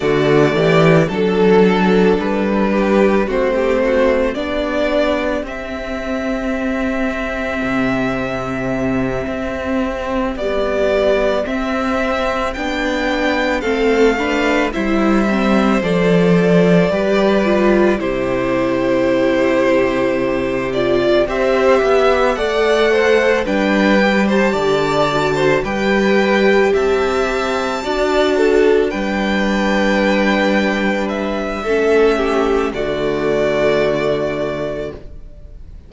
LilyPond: <<
  \new Staff \with { instrumentName = "violin" } { \time 4/4 \tempo 4 = 55 d''4 a'4 b'4 c''4 | d''4 e''2.~ | e''4. d''4 e''4 g''8~ | g''8 f''4 e''4 d''4.~ |
d''8 c''2~ c''8 d''8 e''8~ | e''8 fis''4 g''8. a''4~ a''16 g''8~ | g''8 a''2 g''4.~ | g''8 e''4. d''2 | }
  \new Staff \with { instrumentName = "violin" } { \time 4/4 fis'8 g'8 a'4. g'8 fis'16 g'16 fis'8 | g'1~ | g'1~ | g'8 a'8 b'8 c''2 b'8~ |
b'8 g'2. c''8 | e''8 d''8 c''8 b'8. c''16 d''8. c''16 b'8~ | b'8 e''4 d''8 a'8 b'4.~ | b'4 a'8 g'8 fis'2 | }
  \new Staff \with { instrumentName = "viola" } { \time 4/4 a4 d'2 c'4 | d'4 c'2.~ | c'4. g4 c'4 d'8~ | d'8 c'8 d'8 e'8 c'8 a'4 g'8 |
f'8 e'2~ e'8 f'8 g'8~ | g'8 a'4 d'8 g'4 fis'8 g'8~ | g'4. fis'4 d'4.~ | d'4 cis'4 a2 | }
  \new Staff \with { instrumentName = "cello" } { \time 4/4 d8 e8 fis4 g4 a4 | b4 c'2 c4~ | c8 c'4 b4 c'4 b8~ | b8 a4 g4 f4 g8~ |
g8 c2. c'8 | b8 a4 g4 d4 g8~ | g8 c'4 d'4 g4.~ | g4 a4 d2 | }
>>